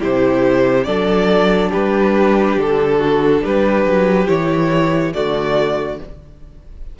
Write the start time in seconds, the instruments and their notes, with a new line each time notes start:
0.00 cello C3, viola E4, violin G4 C5
0.84 cello F#3, viola D4, violin A4 D5
1.70 cello G3, violin G4 B4
2.57 cello D3, violin A4
2.98 violin F#4
3.42 cello G3, violin G4 B4
3.84 cello F#3
4.27 cello E3, viola E4, violin C#5
5.13 cello D3, viola A3, violin F#4 D5